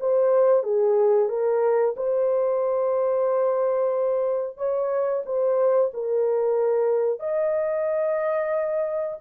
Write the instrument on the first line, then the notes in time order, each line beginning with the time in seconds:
horn
0.00 C5
0.64 G#4
1.29 A#4
1.97 C5
4.57 C#5
5.25 C5
5.94 A#4
7.20 D#5